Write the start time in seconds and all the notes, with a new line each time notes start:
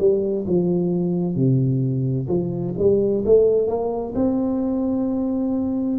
0.00 G3
0.47 F3
1.36 C3
2.29 F3
2.79 G3
3.26 A3
3.68 A#3
4.15 C4